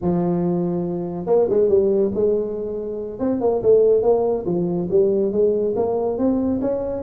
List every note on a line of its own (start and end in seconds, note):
0.01 1.26 F3
1.26 1.47 A#3
1.49 1.68 G#3
1.68 2.11 G3
2.14 3.19 G#3
3.19 3.40 C4
3.40 3.62 A#3
3.62 4.02 A3
4.02 4.45 A#3
4.45 4.88 F3
4.90 5.32 G3
5.32 5.74 G#3
5.76 6.18 A#3
6.18 6.60 C4
6.61 7.03 C#4